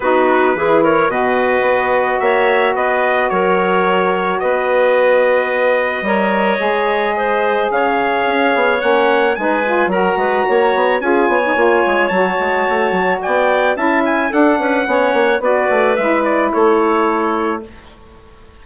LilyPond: <<
  \new Staff \with { instrumentName = "trumpet" } { \time 4/4 \tempo 4 = 109 b'4. cis''8 dis''2 | e''4 dis''4 cis''2 | dis''1~ | dis''2 f''2 |
fis''4 gis''4 ais''2 | gis''2 a''2 | g''4 a''8 gis''8 fis''2 | d''4 e''8 d''8 cis''2 | }
  \new Staff \with { instrumentName = "clarinet" } { \time 4/4 fis'4 gis'8 ais'8 b'2 | cis''4 b'4 ais'2 | b'2. cis''4~ | cis''4 c''4 cis''2~ |
cis''4 b'4 ais'8 b'8 cis''4 | gis'8 cis''2.~ cis''8 | d''4 e''4 a'8 b'8 cis''4 | b'2 a'2 | }
  \new Staff \with { instrumentName = "saxophone" } { \time 4/4 dis'4 e'4 fis'2~ | fis'1~ | fis'2. ais'4 | gis'1 |
cis'4 dis'8 f'8 fis'2 | f'8. dis'16 f'4 fis'2~ | fis'4 e'4 d'4 cis'4 | fis'4 e'2. | }
  \new Staff \with { instrumentName = "bassoon" } { \time 4/4 b4 e4 b,4 b4 | ais4 b4 fis2 | b2. g4 | gis2 cis4 cis'8 b8 |
ais4 gis4 fis8 gis8 ais8 b8 | cis'8 b8 ais8 gis8 fis8 gis8 a8 fis8 | b4 cis'4 d'8 cis'8 b8 ais8 | b8 a8 gis4 a2 | }
>>